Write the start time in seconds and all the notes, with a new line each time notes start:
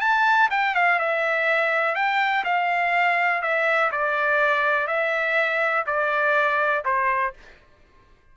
0.00 A5
0.50 G5
0.75 F5
0.99 E5
1.95 G5
2.44 F5
3.42 E5
3.91 D5
4.87 E5
5.86 D5
6.84 C5